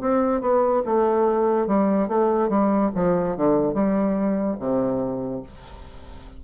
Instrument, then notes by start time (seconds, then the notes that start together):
bassoon
0.00 C4
0.41 B3
0.85 A3
1.67 G3
2.08 A3
2.48 G3
2.95 F3
3.36 D3
3.73 G3
4.59 C3